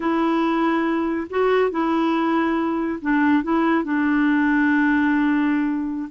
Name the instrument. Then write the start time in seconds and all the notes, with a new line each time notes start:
clarinet
0.00 E4
1.30 F#4
1.70 E4
3.01 D4
3.43 E4
3.84 D4